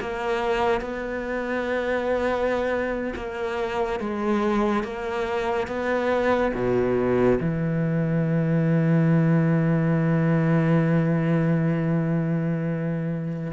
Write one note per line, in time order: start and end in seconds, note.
0.00 0.81 A#3
0.81 3.13 B3
3.15 3.99 A#3
3.99 4.83 G#3
4.83 5.67 A#3
5.67 6.52 B3
6.54 7.39 B2
7.39 13.52 E3